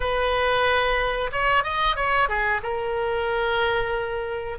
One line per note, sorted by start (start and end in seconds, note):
0.00 1.30 B4
1.32 1.63 C#5
1.63 1.96 D#5
1.96 2.28 C#5
2.28 2.61 G#4
2.63 4.58 A#4